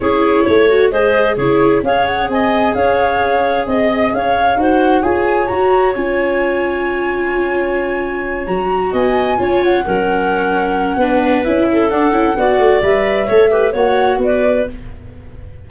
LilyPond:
<<
  \new Staff \with { instrumentName = "flute" } { \time 4/4 \tempo 4 = 131 cis''2 dis''4 cis''4 | f''8 fis''8 gis''4 f''2 | dis''4 f''4 fis''4 gis''4 | ais''4 gis''2.~ |
gis''2~ gis''8 ais''4 gis''8~ | gis''4 fis''2.~ | fis''4 e''4 fis''2 | e''2 fis''4 d''4 | }
  \new Staff \with { instrumentName = "clarinet" } { \time 4/4 gis'4 cis''4 c''4 gis'4 | cis''4 dis''4 cis''2 | dis''4 cis''4 c''4 cis''4~ | cis''1~ |
cis''2.~ cis''8 dis''8~ | dis''8 cis''4 ais'2~ ais'8 | b'4. a'4. d''4~ | d''4 cis''8 b'8 cis''4 b'4 | }
  \new Staff \with { instrumentName = "viola" } { \time 4/4 e'4. fis'8 gis'4 e'4 | gis'1~ | gis'2 fis'4 gis'4 | fis'4 f'2.~ |
f'2~ f'8 fis'4.~ | fis'8 f'4 cis'2~ cis'8 | d'4 e'4 d'8 e'8 fis'4 | b'4 a'8 g'8 fis'2 | }
  \new Staff \with { instrumentName = "tuba" } { \time 4/4 cis'4 a4 gis4 cis4 | cis'4 c'4 cis'2 | c'4 cis'4 dis'4 f'4 | fis'4 cis'2.~ |
cis'2~ cis'8 fis4 b8~ | b8 cis'4 fis2~ fis8 | b4 cis'4 d'8 cis'8 b8 a8 | g4 a4 ais4 b4 | }
>>